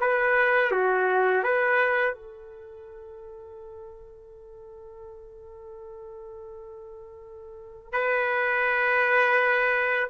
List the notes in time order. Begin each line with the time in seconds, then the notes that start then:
0.00 B4
0.71 F#4
1.43 B4
2.14 A4
7.92 B4